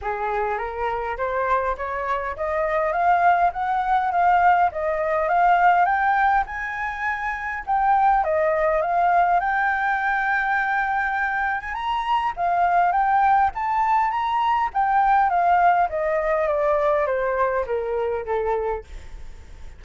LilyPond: \new Staff \with { instrumentName = "flute" } { \time 4/4 \tempo 4 = 102 gis'4 ais'4 c''4 cis''4 | dis''4 f''4 fis''4 f''4 | dis''4 f''4 g''4 gis''4~ | gis''4 g''4 dis''4 f''4 |
g''2.~ g''8. gis''16 | ais''4 f''4 g''4 a''4 | ais''4 g''4 f''4 dis''4 | d''4 c''4 ais'4 a'4 | }